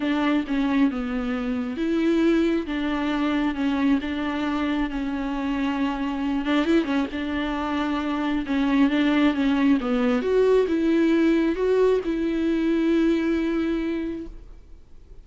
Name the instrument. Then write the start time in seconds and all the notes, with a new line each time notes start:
viola
0.00 D4
0.47 C#4
0.91 B3
1.77 E4
2.66 D4
3.54 C#4
4.01 D4
4.90 C#4
6.45 D4
6.65 E4
6.84 C#4
7.12 D4
8.45 C#4
8.90 D4
9.33 C#4
9.80 B3
10.22 F#4
10.67 E4
11.55 F#4
12.04 E4